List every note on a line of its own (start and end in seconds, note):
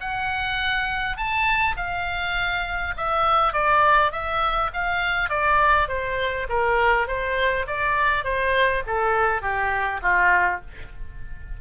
0.00 1.17 F#5
1.17 1.76 A5
1.76 2.94 F5
2.97 3.53 E5
3.53 4.11 D5
4.11 4.70 E5
4.73 5.29 F5
5.29 5.88 D5
5.88 6.47 C5
6.49 7.07 A#4
7.07 7.66 C5
7.67 8.24 D5
8.24 8.83 C5
8.86 9.42 A4
9.42 10.01 G4
10.02 10.61 F4